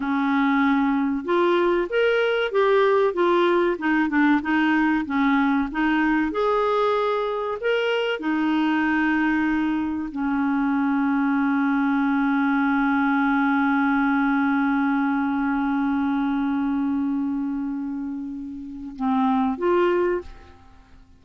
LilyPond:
\new Staff \with { instrumentName = "clarinet" } { \time 4/4 \tempo 4 = 95 cis'2 f'4 ais'4 | g'4 f'4 dis'8 d'8 dis'4 | cis'4 dis'4 gis'2 | ais'4 dis'2. |
cis'1~ | cis'1~ | cis'1~ | cis'2 c'4 f'4 | }